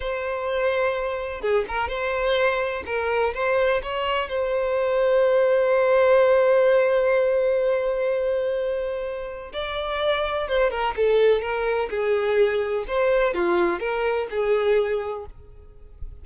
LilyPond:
\new Staff \with { instrumentName = "violin" } { \time 4/4 \tempo 4 = 126 c''2. gis'8 ais'8 | c''2 ais'4 c''4 | cis''4 c''2.~ | c''1~ |
c''1 | d''2 c''8 ais'8 a'4 | ais'4 gis'2 c''4 | f'4 ais'4 gis'2 | }